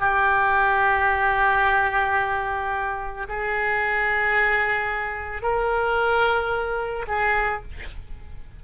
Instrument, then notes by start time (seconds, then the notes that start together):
oboe
0.00 G4
3.29 G#4
5.42 A#4
7.08 G#4